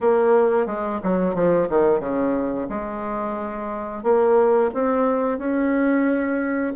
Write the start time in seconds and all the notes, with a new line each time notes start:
0.00 A#3
0.66 G#3
1.03 F#3
1.34 F3
1.69 D#3
2.00 C#3
2.69 G#3
4.03 A#3
4.74 C4
5.38 C#4